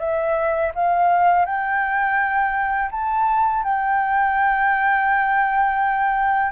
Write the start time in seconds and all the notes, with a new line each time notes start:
0.00 E5
0.75 F5
1.46 G5
2.91 A5
3.64 G5